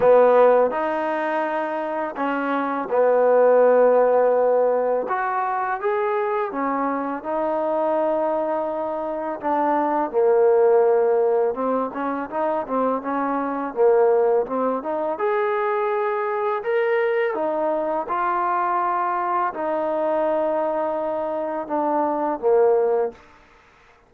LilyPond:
\new Staff \with { instrumentName = "trombone" } { \time 4/4 \tempo 4 = 83 b4 dis'2 cis'4 | b2. fis'4 | gis'4 cis'4 dis'2~ | dis'4 d'4 ais2 |
c'8 cis'8 dis'8 c'8 cis'4 ais4 | c'8 dis'8 gis'2 ais'4 | dis'4 f'2 dis'4~ | dis'2 d'4 ais4 | }